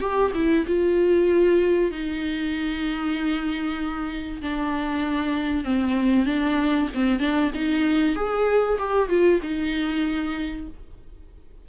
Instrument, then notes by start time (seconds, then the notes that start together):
viola
0.00 G4
0.34 E4
0.67 F4
1.91 D#4
4.41 D4
5.64 C4
6.26 D4
6.94 C4
7.19 D4
7.54 D#4
8.15 G#4
8.78 G4
9.09 F4
9.42 D#4